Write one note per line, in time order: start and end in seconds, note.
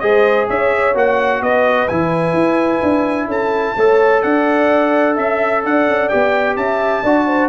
0.00 0.49 G#3
0.00 0.95 G#4
0.00 0.48 C5
0.00 0.47 D#5
0.48 0.95 C#4
0.48 1.42 C#5
0.48 0.97 E5
0.95 1.42 A#3
0.95 1.89 F#4
0.95 1.43 F#5
1.42 1.89 B3
1.42 3.28 B4
1.42 1.88 D#5
1.88 2.33 E3
1.88 3.78 E4
1.88 3.29 G#5
2.33 2.80 E4
2.83 3.27 D4
3.27 3.74 C#4
3.27 3.75 A4
3.27 4.23 A5
3.77 4.24 A3
3.77 6.10 A4
3.77 4.23 C#5
4.23 5.18 D4
4.23 5.15 D5
4.23 5.17 F#5
5.15 5.65 C#4
5.15 5.62 E5
5.15 5.64 E5
5.63 5.88 D4
5.63 6.57 D5
5.63 6.09 F#5
5.88 6.11 C#4
6.09 6.56 B3
6.09 7.04 G4
6.09 6.56 G5
6.56 7.03 C#4
6.56 7.04 E5
6.56 7.50 A5
7.04 7.50 D4
7.04 7.50 F#4
7.04 7.28 D5
7.28 7.50 C5